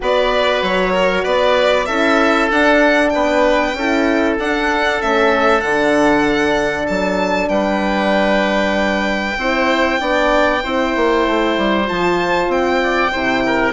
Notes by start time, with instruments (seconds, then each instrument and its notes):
0.00 bassoon B3, horn F#4, oboe B4, violin D5
0.61 bassoon F#3, violin C#5
0.92 oboe A#4
1.23 bassoon B3, oboe B4, violin D5
1.85 bassoon C#4, horn E4, oboe A4, violin E5
2.51 bassoon D4, horn D4, violin F#5
3.09 bassoon B3, oboe B4, violin G5
3.73 bassoon C#4, horn E4, oboe A4
4.38 horn D4, bassoon D4, violin F#5
4.99 bassoon A3, horn C#4, violin E5
5.60 bassoon D3, horn D4, violin F#5
6.87 bassoon F#3, violin A5
7.48 bassoon G3, oboe B4, violin G5
9.37 bassoon C4, horn E4, oboe C5
9.99 bassoon B3, horn D4, oboe D5
10.63 bassoon C4, horn E4, oboe C5
10.95 bassoon A#3
11.26 bassoon A3
11.57 bassoon G3
11.85 bassoon F3, horn F4, violin A5
12.48 bassoon C4, violin G5
12.83 oboe D5
13.11 bassoon C3, horn E4, oboe C5
13.45 oboe A#4